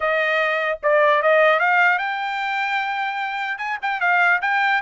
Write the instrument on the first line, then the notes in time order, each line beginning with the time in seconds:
trumpet
0.00 D#5
0.82 D5
1.22 D#5
1.59 F5
1.98 G5
3.57 G#5
3.81 G5
4.00 F5
4.41 G5